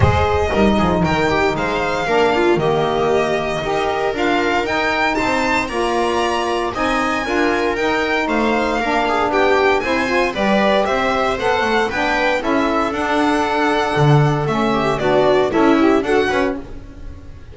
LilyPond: <<
  \new Staff \with { instrumentName = "violin" } { \time 4/4 \tempo 4 = 116 dis''2 g''4 f''4~ | f''4 dis''2. | f''4 g''4 a''4 ais''4~ | ais''4 gis''2 g''4 |
f''2 g''4 gis''4 | d''4 e''4 fis''4 g''4 | e''4 fis''2. | e''4 d''4 e''4 fis''4 | }
  \new Staff \with { instrumentName = "viola" } { \time 4/4 c''4 ais'8 gis'8 ais'8 g'8 c''4 | ais'8 f'8 g'2 ais'4~ | ais'2 c''4 d''4~ | d''4 dis''4 ais'2 |
c''4 ais'8 gis'8 g'4 c''4 | b'4 c''2 b'4 | a'1~ | a'8 g'8 fis'4 e'4 a'8 b'8 | }
  \new Staff \with { instrumentName = "saxophone" } { \time 4/4 gis'4 dis'2. | d'4 ais2 g'4 | f'4 dis'2 f'4~ | f'4 dis'4 f'4 dis'4~ |
dis'4 d'2 e'8 f'8 | g'2 a'4 d'4 | e'4 d'2. | cis'4 d'4 a'8 g'8 fis'4 | }
  \new Staff \with { instrumentName = "double bass" } { \time 4/4 gis4 g8 f8 dis4 gis4 | ais4 dis2 dis'4 | d'4 dis'4 c'4 ais4~ | ais4 c'4 d'4 dis'4 |
a4 ais4 b4 c'4 | g4 c'4 b8 a8 b4 | cis'4 d'2 d4 | a4 b4 cis'4 d'8 cis'8 | }
>>